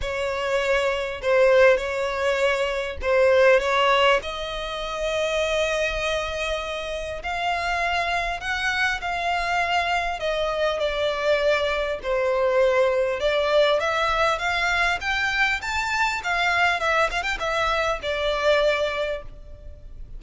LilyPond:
\new Staff \with { instrumentName = "violin" } { \time 4/4 \tempo 4 = 100 cis''2 c''4 cis''4~ | cis''4 c''4 cis''4 dis''4~ | dis''1 | f''2 fis''4 f''4~ |
f''4 dis''4 d''2 | c''2 d''4 e''4 | f''4 g''4 a''4 f''4 | e''8 f''16 g''16 e''4 d''2 | }